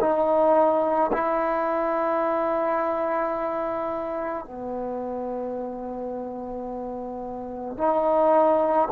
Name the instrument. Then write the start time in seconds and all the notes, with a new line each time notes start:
trombone
0.00 D#4
1.13 E4
4.45 B3
7.77 D#4